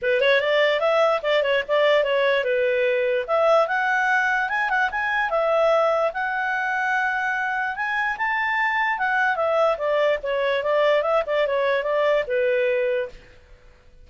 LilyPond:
\new Staff \with { instrumentName = "clarinet" } { \time 4/4 \tempo 4 = 147 b'8 cis''8 d''4 e''4 d''8 cis''8 | d''4 cis''4 b'2 | e''4 fis''2 gis''8 fis''8 | gis''4 e''2 fis''4~ |
fis''2. gis''4 | a''2 fis''4 e''4 | d''4 cis''4 d''4 e''8 d''8 | cis''4 d''4 b'2 | }